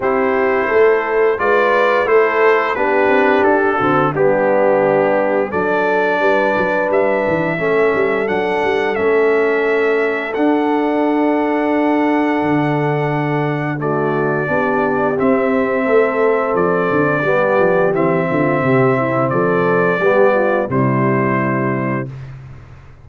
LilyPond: <<
  \new Staff \with { instrumentName = "trumpet" } { \time 4/4 \tempo 4 = 87 c''2 d''4 c''4 | b'4 a'4 g'2 | d''2 e''2 | fis''4 e''2 fis''4~ |
fis''1 | d''2 e''2 | d''2 e''2 | d''2 c''2 | }
  \new Staff \with { instrumentName = "horn" } { \time 4/4 g'4 a'4 b'4 a'4 | g'4. fis'8 d'2 | a'4 b'2 a'4~ | a'1~ |
a'1 | fis'4 g'2 a'4~ | a'4 g'4. f'8 g'8 e'8 | a'4 g'8 f'8 e'2 | }
  \new Staff \with { instrumentName = "trombone" } { \time 4/4 e'2 f'4 e'4 | d'4. c'8 b2 | d'2. cis'4 | d'4 cis'2 d'4~ |
d'1 | a4 d'4 c'2~ | c'4 b4 c'2~ | c'4 b4 g2 | }
  \new Staff \with { instrumentName = "tuba" } { \time 4/4 c'4 a4 gis4 a4 | b8 c'8 d'8 d8 g2 | fis4 g8 fis8 g8 e8 a8 g8 | fis8 g8 a2 d'4~ |
d'2 d2~ | d4 b4 c'4 a4 | f8 d8 g8 f8 e8 d8 c4 | f4 g4 c2 | }
>>